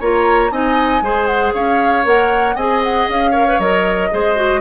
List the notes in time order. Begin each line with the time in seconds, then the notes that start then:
0.00 A#3 F4 C#5 A#5
0.51 C4 D#4 D#5 G#5
1.01 G#3 G#4 C5
1.26 F#5
1.54 C#4 C#5 F5
2.04 A#3 A#4 F#5
2.55 C4 G#4 D#5 G#5
2.83 F#5
3.09 C#4 F5
3.30 A#4 C#5
3.48 B4
3.59 F#3 A#4 D#5
4.11 G#3 G#4 C5
4.35 F#4